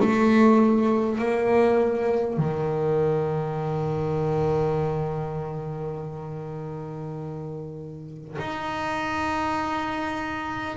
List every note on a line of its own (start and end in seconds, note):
0.00 1.19 A3
1.19 2.37 A#3
2.37 8.37 D#3
8.39 10.77 D#4